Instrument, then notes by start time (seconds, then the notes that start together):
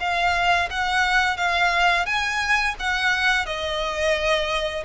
violin
0.00 F5
0.70 F#5
1.37 F5
2.06 G#5
2.79 F#5
3.46 D#5